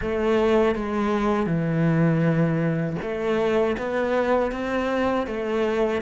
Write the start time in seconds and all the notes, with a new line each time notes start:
0.01 A3
0.75 G#3
1.46 E3
3.02 A3
3.77 B3
4.51 C4
5.27 A3